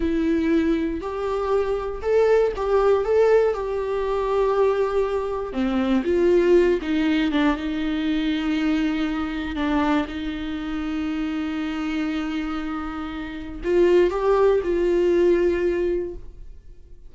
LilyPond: \new Staff \with { instrumentName = "viola" } { \time 4/4 \tempo 4 = 119 e'2 g'2 | a'4 g'4 a'4 g'4~ | g'2. c'4 | f'4. dis'4 d'8 dis'4~ |
dis'2. d'4 | dis'1~ | dis'2. f'4 | g'4 f'2. | }